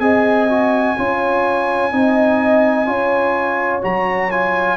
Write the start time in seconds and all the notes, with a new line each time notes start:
0.00 C4 G#4 D#5 G#5
0.50 F#4
0.97 C#4 F4 C#5
1.92 C4 D#4 D#5
2.86 C#4 F4 C#5
3.82 F#3 F#4 A#5
4.31 F4 G#5